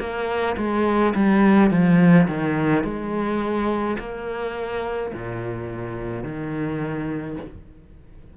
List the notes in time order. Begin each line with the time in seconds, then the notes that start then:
0.00 A#3
0.57 G#3
1.15 G3
1.71 F3
2.28 D#3
2.84 G#3
3.99 A#3
5.14 A#2
6.24 D#3